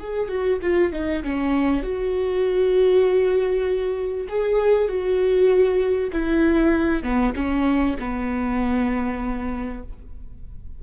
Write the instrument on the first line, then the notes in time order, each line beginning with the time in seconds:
viola
0.00 G#4
0.29 F#4
0.62 F4
0.93 D#4
1.24 C#4
1.83 F#4
4.29 G#4
4.89 F#4
6.13 E4
7.03 B3
7.36 C#4
7.99 B3